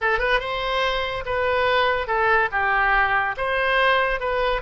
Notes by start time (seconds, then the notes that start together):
0.01 A4
0.18 B4
0.40 C5
1.25 B4
2.07 A4
2.51 G4
3.37 C5
4.19 B4